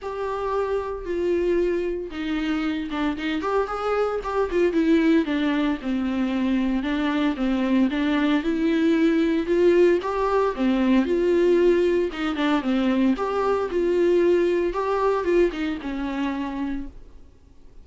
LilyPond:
\new Staff \with { instrumentName = "viola" } { \time 4/4 \tempo 4 = 114 g'2 f'2 | dis'4. d'8 dis'8 g'8 gis'4 | g'8 f'8 e'4 d'4 c'4~ | c'4 d'4 c'4 d'4 |
e'2 f'4 g'4 | c'4 f'2 dis'8 d'8 | c'4 g'4 f'2 | g'4 f'8 dis'8 cis'2 | }